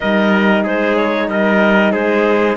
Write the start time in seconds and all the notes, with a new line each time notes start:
0.00 G3 D#4 A#4 D#5
0.63 G#3 G#4 C5
0.96 C#5
1.28 G3 A#4 D#5
1.92 G#3 G#4 C5